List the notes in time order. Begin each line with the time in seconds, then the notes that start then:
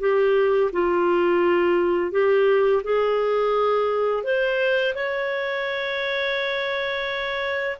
0.00 G4
0.72 F4
2.11 G4
2.83 G#4
4.23 C5
4.94 C#5